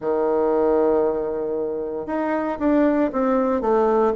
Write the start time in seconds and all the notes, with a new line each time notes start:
0.00 D#3
2.06 D#4
2.59 D4
3.12 C4
3.61 A3